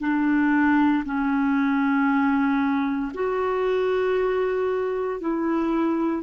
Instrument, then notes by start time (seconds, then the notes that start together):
clarinet
0.00 D4
1.05 C#4
3.14 F#4
5.21 E4